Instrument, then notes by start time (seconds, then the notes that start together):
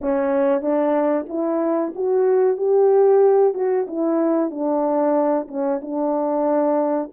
horn
0.01 C#4
0.61 D4
1.28 E4
1.95 F#4
2.57 G4
3.54 F#4
3.87 E4
4.50 D4
5.48 C#4
5.81 D4